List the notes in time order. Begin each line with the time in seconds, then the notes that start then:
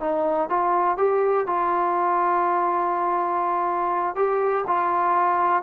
0.00 D#4
0.49 F4
0.97 G4
1.46 F4
4.15 G4
4.67 F4